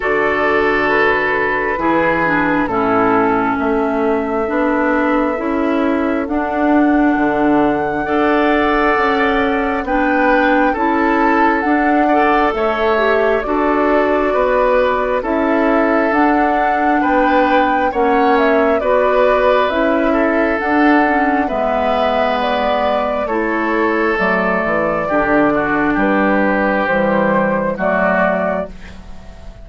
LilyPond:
<<
  \new Staff \with { instrumentName = "flute" } { \time 4/4 \tempo 4 = 67 d''4 b'2 a'4 | e''2. fis''4~ | fis''2. g''4 | a''4 fis''4 e''4 d''4~ |
d''4 e''4 fis''4 g''4 | fis''8 e''8 d''4 e''4 fis''4 | e''4 d''4 cis''4 d''4~ | d''4 b'4 c''4 d''4 | }
  \new Staff \with { instrumentName = "oboe" } { \time 4/4 a'2 gis'4 e'4 | a'1~ | a'4 d''2 b'4 | a'4. d''8 cis''4 a'4 |
b'4 a'2 b'4 | cis''4 b'4. a'4. | b'2 a'2 | g'8 fis'8 g'2 fis'4 | }
  \new Staff \with { instrumentName = "clarinet" } { \time 4/4 fis'2 e'8 d'8 cis'4~ | cis'4 d'4 e'4 d'4~ | d'4 a'2 d'4 | e'4 d'8 a'4 g'8 fis'4~ |
fis'4 e'4 d'2 | cis'4 fis'4 e'4 d'8 cis'8 | b2 e'4 a4 | d'2 g4 a4 | }
  \new Staff \with { instrumentName = "bassoon" } { \time 4/4 d2 e4 a,4 | a4 b4 cis'4 d'4 | d4 d'4 cis'4 b4 | cis'4 d'4 a4 d'4 |
b4 cis'4 d'4 b4 | ais4 b4 cis'4 d'4 | gis2 a4 fis8 e8 | d4 g4 e4 fis4 | }
>>